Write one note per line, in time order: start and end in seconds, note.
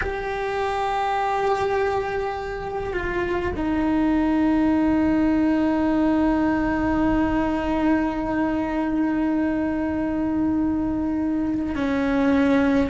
0.01 2.93 G4
2.93 3.52 F4
3.55 11.75 D#4
11.75 12.89 C#4